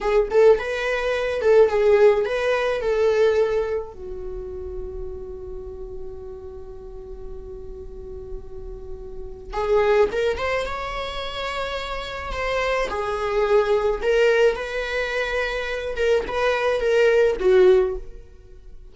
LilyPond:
\new Staff \with { instrumentName = "viola" } { \time 4/4 \tempo 4 = 107 gis'8 a'8 b'4. a'8 gis'4 | b'4 a'2 fis'4~ | fis'1~ | fis'1~ |
fis'4 gis'4 ais'8 c''8 cis''4~ | cis''2 c''4 gis'4~ | gis'4 ais'4 b'2~ | b'8 ais'8 b'4 ais'4 fis'4 | }